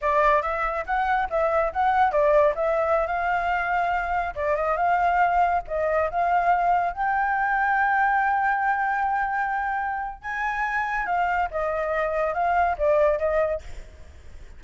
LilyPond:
\new Staff \with { instrumentName = "flute" } { \time 4/4 \tempo 4 = 141 d''4 e''4 fis''4 e''4 | fis''4 d''4 e''4~ e''16 f''8.~ | f''2~ f''16 d''8 dis''8 f''8.~ | f''4~ f''16 dis''4 f''4.~ f''16~ |
f''16 g''2.~ g''8.~ | g''1 | gis''2 f''4 dis''4~ | dis''4 f''4 d''4 dis''4 | }